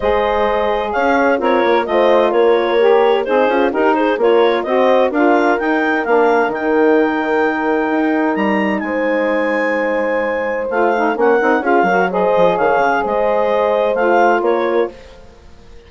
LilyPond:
<<
  \new Staff \with { instrumentName = "clarinet" } { \time 4/4 \tempo 4 = 129 dis''2 f''4 cis''4 | dis''4 cis''2 c''4 | ais'8 c''8 cis''4 dis''4 f''4 | g''4 f''4 g''2~ |
g''2 ais''4 gis''4~ | gis''2. f''4 | fis''4 f''4 dis''4 f''4 | dis''2 f''4 cis''4 | }
  \new Staff \with { instrumentName = "horn" } { \time 4/4 c''2 cis''4 f'4 | c''4 ais'2 dis'8 f'8 | g'8 gis'8 ais'4 c''4 ais'4~ | ais'1~ |
ais'2. c''4~ | c''1 | ais'4 gis'8 ais'8 c''4 cis''4 | c''2. ais'4 | }
  \new Staff \with { instrumentName = "saxophone" } { \time 4/4 gis'2. ais'4 | f'2 g'4 gis'4 | dis'4 f'4 fis'4 f'4 | dis'4 d'4 dis'2~ |
dis'1~ | dis'2. f'8 dis'8 | cis'8 dis'8 f'8 fis'8 gis'2~ | gis'2 f'2 | }
  \new Staff \with { instrumentName = "bassoon" } { \time 4/4 gis2 cis'4 c'8 ais8 | a4 ais2 c'8 cis'8 | dis'4 ais4 c'4 d'4 | dis'4 ais4 dis2~ |
dis4 dis'4 g4 gis4~ | gis2. a4 | ais8 c'8 cis'8 fis4 f8 dis8 cis8 | gis2 a4 ais4 | }
>>